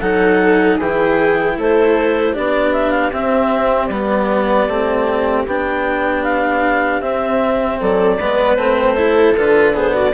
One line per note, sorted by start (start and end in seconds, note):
0.00 0.79 F#3
0.00 0.80 D#4
0.00 0.77 A4
0.00 0.78 F#5
0.77 1.57 E3
0.77 1.55 G#4
0.77 1.58 G5
0.83 2.34 E4
1.57 2.35 A3
1.57 2.33 A4
1.57 2.35 C5
2.33 3.12 B3
2.33 3.12 D4
2.33 7.78 G4
2.33 2.73 D5
2.73 2.91 E5
2.91 3.10 F5
3.12 3.89 C4
3.12 3.91 C4
3.12 3.87 E5
3.87 4.67 G3
3.87 4.69 B3
3.87 5.43 D5
4.68 5.46 A3
4.68 5.47 C4
5.46 7.00 B3
5.46 7.02 D4
5.46 6.24 G5
6.24 7.01 F5
7.00 7.78 C4
7.00 8.19 C4
7.00 7.79 E5
7.80 8.20 F#3
7.80 8.19 A4
7.80 8.56 D5
8.19 8.57 G#3
8.19 8.58 B3
8.19 8.96 B4
8.56 9.35 A3
8.56 8.96 C4
8.56 9.34 C5
8.96 9.35 E4
8.96 9.74 A4
9.37 10.14 D3
9.37 9.74 F4
9.37 9.76 B4
9.74 10.13 B3
9.74 9.93 G#4
9.74 9.94 C5
9.94 10.13 F#4
9.94 10.14 D5